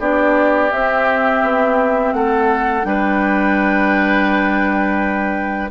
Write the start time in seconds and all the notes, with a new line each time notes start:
0.00 B3 D4 G4 D5
0.71 C4 E5
1.43 B3
2.13 A3 A4 F#5
2.83 G3 D4 B4 G5